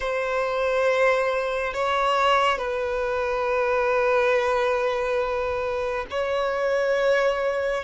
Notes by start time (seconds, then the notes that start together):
0.00 C5
1.73 C#5
2.58 B4
6.10 C#5